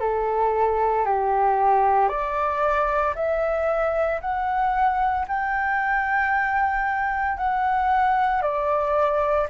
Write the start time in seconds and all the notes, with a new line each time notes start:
0.00 A4
1.05 G4
2.09 D5
3.15 E5
4.21 F#5
5.28 G5
7.37 F#5
8.42 D5